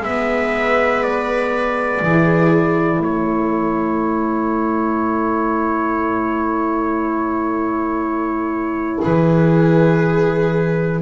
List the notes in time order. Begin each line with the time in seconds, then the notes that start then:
0.00 G#3 B3 B4 E5
1.03 D5
2.02 E3 E4 G#4
2.99 A3 A4 C#5
9.02 E3 G#4 B4